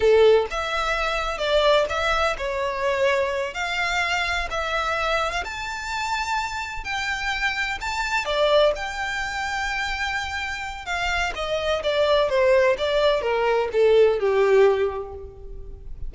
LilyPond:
\new Staff \with { instrumentName = "violin" } { \time 4/4 \tempo 4 = 127 a'4 e''2 d''4 | e''4 cis''2~ cis''8 f''8~ | f''4. e''4.~ e''16 f''16 a''8~ | a''2~ a''8 g''4.~ |
g''8 a''4 d''4 g''4.~ | g''2. f''4 | dis''4 d''4 c''4 d''4 | ais'4 a'4 g'2 | }